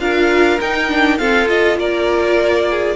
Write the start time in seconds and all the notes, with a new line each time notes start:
0.00 D4 F4 A#4 F5
0.61 D#4 G5
0.89 D4
1.18 C4 F4 A4 F5
1.48 F4 D#5
1.77 A#3 A#4 D5
2.71 G#4